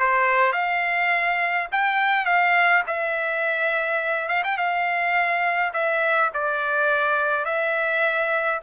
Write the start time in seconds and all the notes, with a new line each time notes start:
0.00 C5
0.53 F5
1.73 G5
2.26 F5
2.88 E5
4.29 F5
4.44 G5
4.58 F5
5.74 E5
6.34 D5
7.46 E5